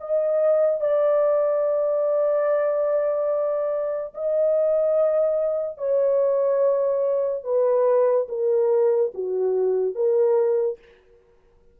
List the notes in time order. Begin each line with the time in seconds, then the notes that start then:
0.00 D#5
0.80 D5
4.14 D#5
5.78 C#5
7.44 B4
8.28 A#4
9.14 F#4
9.95 A#4